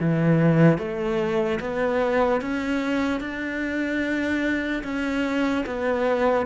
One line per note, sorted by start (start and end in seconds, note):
0.00 0.78 E3
0.78 1.59 A3
1.60 2.41 B3
2.41 3.21 C#4
3.21 4.83 D4
4.84 5.65 C#4
5.66 6.46 B3